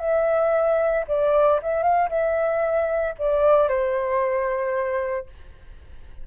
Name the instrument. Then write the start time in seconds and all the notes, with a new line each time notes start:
flute
0.00 E5
1.08 D5
1.62 E5
1.83 F5
2.10 E5
3.19 D5
3.69 C5